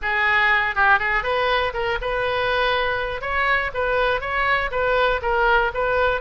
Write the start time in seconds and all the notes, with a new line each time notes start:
0.01 G#4
0.75 G4
0.99 G#4
1.23 B4
1.73 A#4
2.01 B4
3.21 C#5
3.74 B4
4.21 C#5
4.71 B4
5.22 A#4
5.74 B4